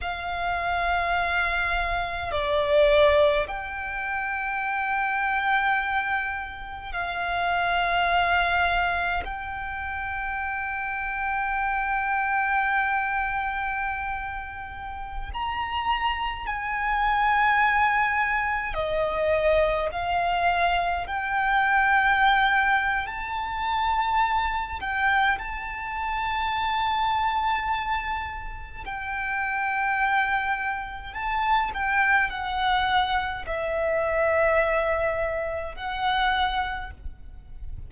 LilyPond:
\new Staff \with { instrumentName = "violin" } { \time 4/4 \tempo 4 = 52 f''2 d''4 g''4~ | g''2 f''2 | g''1~ | g''4~ g''16 ais''4 gis''4.~ gis''16~ |
gis''16 dis''4 f''4 g''4.~ g''16 | a''4. g''8 a''2~ | a''4 g''2 a''8 g''8 | fis''4 e''2 fis''4 | }